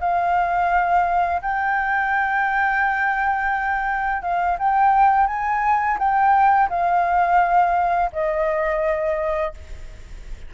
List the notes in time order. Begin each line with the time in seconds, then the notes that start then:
0.00 F5
1.41 G5
4.22 F5
4.59 G5
5.27 G#5
5.98 G5
6.69 F5
8.12 D#5